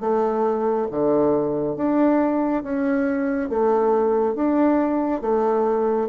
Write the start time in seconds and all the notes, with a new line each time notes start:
0.00 A3
0.91 D3
1.76 D4
2.63 C#4
3.49 A3
4.35 D4
5.21 A3